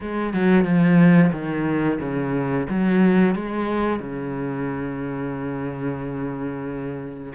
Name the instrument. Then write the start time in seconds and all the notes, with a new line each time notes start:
cello
0.00 G#3
0.33 F#3
0.64 F3
1.32 D#3
2.00 C#3
2.69 F#3
3.35 G#3
3.99 C#3